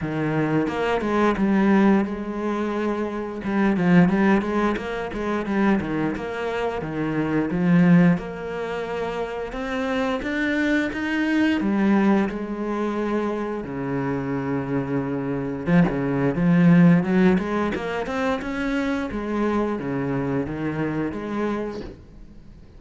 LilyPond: \new Staff \with { instrumentName = "cello" } { \time 4/4 \tempo 4 = 88 dis4 ais8 gis8 g4 gis4~ | gis4 g8 f8 g8 gis8 ais8 gis8 | g8 dis8 ais4 dis4 f4 | ais2 c'4 d'4 |
dis'4 g4 gis2 | cis2. f16 cis8. | f4 fis8 gis8 ais8 c'8 cis'4 | gis4 cis4 dis4 gis4 | }